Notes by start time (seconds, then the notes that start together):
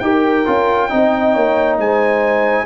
0.00 D#4 G4 A#4 G5
0.46 C#4 F4
0.90 C4 D#4 D#5
1.34 A#3 C#5
1.78 G#3 C5 G#5